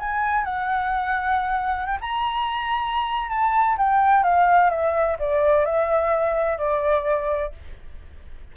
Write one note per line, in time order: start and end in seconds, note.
0.00 0.45 G#5
0.45 1.86 F#5
1.86 1.98 G5
2.01 3.29 A#5
3.29 3.77 A5
3.78 4.23 G5
4.23 4.71 F5
4.71 5.18 E5
5.19 5.66 D5
5.66 6.58 E5
6.58 7.53 D5